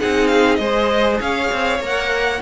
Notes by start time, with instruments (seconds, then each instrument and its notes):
0.00 cello C4, viola D#4, violin G#4 F#5
0.28 violin F5
0.56 cello G#3, viola G#4, violin C5 D#5
1.21 cello C#4, violin C#5 F5
1.53 cello C4
1.80 cello A#3, viola A#4
1.86 violin F#5